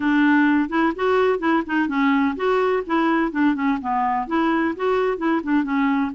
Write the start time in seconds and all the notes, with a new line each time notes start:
0.00 D4
0.69 E4
0.95 F#4
1.39 E4
1.66 D#4
1.88 C#4
2.36 F#4
2.86 E4
3.31 D4
3.54 C#4
3.81 B3
4.27 E4
4.76 F#4
5.17 E4
5.43 D4
5.63 C#4